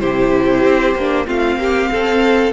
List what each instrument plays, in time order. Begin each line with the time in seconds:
0.00 cello C3, viola E4, violin G4 C5
0.64 cello C4
0.95 cello A#3, viola D4
1.26 cello A3, viola C4, violin F4 F5
1.57 cello A#3, violin G4
1.91 cello C4, violin A4